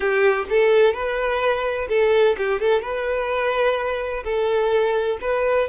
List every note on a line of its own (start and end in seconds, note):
0.00 0.45 G4
0.49 0.93 A4
0.93 1.88 B4
1.89 2.36 A4
2.37 2.60 G4
2.60 2.81 A4
2.81 4.23 B4
4.23 5.18 A4
5.21 5.68 B4